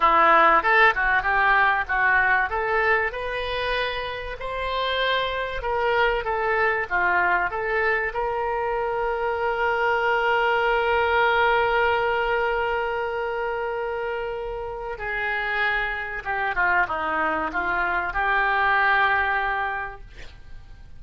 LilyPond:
\new Staff \with { instrumentName = "oboe" } { \time 4/4 \tempo 4 = 96 e'4 a'8 fis'8 g'4 fis'4 | a'4 b'2 c''4~ | c''4 ais'4 a'4 f'4 | a'4 ais'2.~ |
ais'1~ | ais'1 | gis'2 g'8 f'8 dis'4 | f'4 g'2. | }